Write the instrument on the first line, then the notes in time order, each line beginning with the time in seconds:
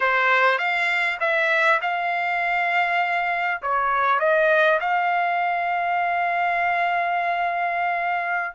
trumpet
0.00 C5
0.58 F5
1.19 E5
1.81 F5
3.62 C#5
4.19 D#5
4.80 F5